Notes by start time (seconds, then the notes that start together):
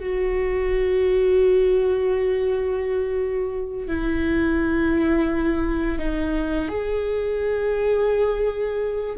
0.00 F#4
3.88 E4
5.98 D#4
6.69 G#4